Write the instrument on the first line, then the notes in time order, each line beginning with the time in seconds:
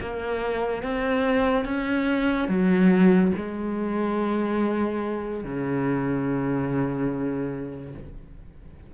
cello
0.00 A#3
0.82 C4
1.65 C#4
2.48 F#3
3.35 G#3
5.44 C#3